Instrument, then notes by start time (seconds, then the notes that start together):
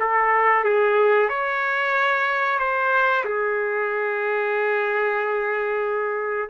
trumpet
0.00 A4
0.64 G#4
1.29 C#5
2.59 C5
3.25 G#4